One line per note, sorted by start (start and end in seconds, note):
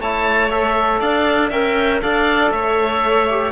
0.00 1.01 A3
0.00 0.50 E4
0.00 1.00 C#5
0.00 0.51 A5
0.50 1.51 A4
0.50 1.00 E5
1.00 1.51 D4
1.00 1.49 D5
1.00 1.51 F5
1.49 2.02 C#4
1.49 2.03 A#4
1.49 2.00 E5
1.49 2.02 G5
2.02 2.51 D4
2.02 3.29 A4
2.02 2.53 D5
2.02 2.52 F5
2.51 3.52 A3
2.51 3.52 C#5
2.51 3.52 E5
3.30 3.52 G4